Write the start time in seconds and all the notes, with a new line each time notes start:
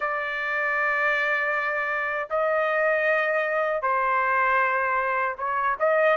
0.00 D5
2.29 D#5
3.81 C5
5.38 C#5
5.79 D#5